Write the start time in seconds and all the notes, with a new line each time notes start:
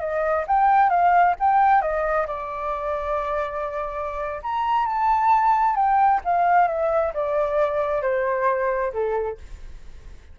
0.00 D#5
0.47 G5
0.90 F5
1.39 G5
1.81 D#5
2.27 D5
4.43 A#5
4.86 A5
5.75 G5
6.24 F5
6.68 E5
7.13 D5
8.02 C5
8.93 A4